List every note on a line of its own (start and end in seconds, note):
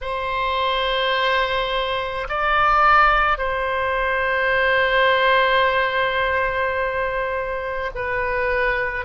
0.01 2.27 C5
2.28 3.38 D5
3.38 7.90 C5
7.95 9.05 B4